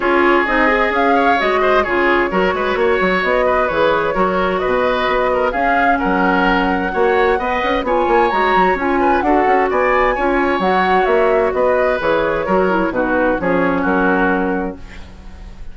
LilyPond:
<<
  \new Staff \with { instrumentName = "flute" } { \time 4/4 \tempo 4 = 130 cis''4 dis''4 f''4 dis''4 | cis''2. dis''4 | cis''2 dis''2 | f''4 fis''2.~ |
fis''4 gis''4 ais''4 gis''4 | fis''4 gis''2 fis''4 | e''4 dis''4 cis''2 | b'4 cis''4 ais'2 | }
  \new Staff \with { instrumentName = "oboe" } { \time 4/4 gis'2~ gis'8 cis''4 c''8 | gis'4 ais'8 b'8 cis''4. b'8~ | b'4 ais'4 b'4. ais'8 | gis'4 ais'2 cis''4 |
dis''4 cis''2~ cis''8 b'8 | a'4 d''4 cis''2~ | cis''4 b'2 ais'4 | fis'4 gis'4 fis'2 | }
  \new Staff \with { instrumentName = "clarinet" } { \time 4/4 f'4 dis'8 gis'4. fis'4 | f'4 fis'2. | gis'4 fis'2. | cis'2. fis'4 |
b'4 f'4 fis'4 f'4 | fis'2 f'4 fis'4~ | fis'2 gis'4 fis'8 e'8 | dis'4 cis'2. | }
  \new Staff \with { instrumentName = "bassoon" } { \time 4/4 cis'4 c'4 cis'4 gis4 | cis4 fis8 gis8 ais8 fis8 b4 | e4 fis4 b,4 b4 | cis'4 fis2 ais4 |
b8 cis'8 b8 ais8 gis8 fis8 cis'4 | d'8 cis'8 b4 cis'4 fis4 | ais4 b4 e4 fis4 | b,4 f4 fis2 | }
>>